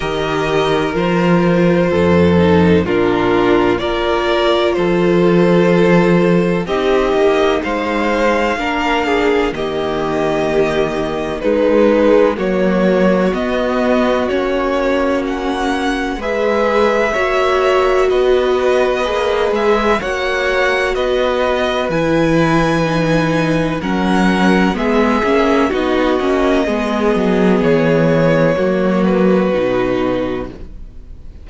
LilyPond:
<<
  \new Staff \with { instrumentName = "violin" } { \time 4/4 \tempo 4 = 63 dis''4 c''2 ais'4 | d''4 c''2 dis''4 | f''2 dis''2 | b'4 cis''4 dis''4 cis''4 |
fis''4 e''2 dis''4~ | dis''8 e''8 fis''4 dis''4 gis''4~ | gis''4 fis''4 e''4 dis''4~ | dis''4 cis''4. b'4. | }
  \new Staff \with { instrumentName = "violin" } { \time 4/4 ais'2 a'4 f'4 | ais'4 a'2 g'4 | c''4 ais'8 gis'8 g'2 | dis'4 fis'2.~ |
fis'4 b'4 cis''4 b'4~ | b'4 cis''4 b'2~ | b'4 ais'4 gis'4 fis'4 | gis'2 fis'2 | }
  \new Staff \with { instrumentName = "viola" } { \time 4/4 g'4 f'4. dis'8 d'4 | f'2. dis'4~ | dis'4 d'4 ais2 | gis4 ais4 b4 cis'4~ |
cis'4 gis'4 fis'2 | gis'4 fis'2 e'4 | dis'4 cis'4 b8 cis'8 dis'8 cis'8 | b2 ais4 dis'4 | }
  \new Staff \with { instrumentName = "cello" } { \time 4/4 dis4 f4 f,4 ais,4 | ais4 f2 c'8 ais8 | gis4 ais4 dis2 | gis4 fis4 b4 ais4~ |
ais4 gis4 ais4 b4 | ais8 gis8 ais4 b4 e4~ | e4 fis4 gis8 ais8 b8 ais8 | gis8 fis8 e4 fis4 b,4 | }
>>